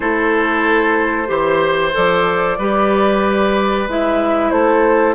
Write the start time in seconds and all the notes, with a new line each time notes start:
0.00 A3 E4 A4 C5
1.27 E3 G4 C5
1.92 F3 A4 D5
2.58 G3 G4 B4
3.87 G#3 E4 E5
4.50 A3 A4 C5